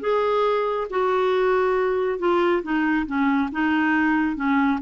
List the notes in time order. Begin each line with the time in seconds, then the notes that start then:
0.00 G#4
0.90 F#4
2.19 F4
2.62 D#4
3.06 C#4
3.52 D#4
4.36 C#4